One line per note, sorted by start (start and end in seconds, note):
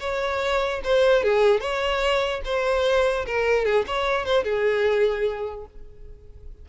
0.00 0.81 C#5
0.84 1.23 C5
1.23 1.60 G#4
1.60 2.41 C#5
2.45 3.26 C5
3.26 3.65 A#4
3.65 3.85 G#4
3.87 4.26 C#5
4.26 4.44 C5
4.44 5.66 G#4